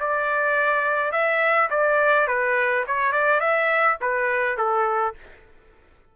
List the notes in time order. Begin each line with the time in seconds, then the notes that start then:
0.00 D5
1.12 E5
1.70 D5
2.28 B4
2.87 C#5
3.12 D5
3.40 E5
4.01 B4
4.57 A4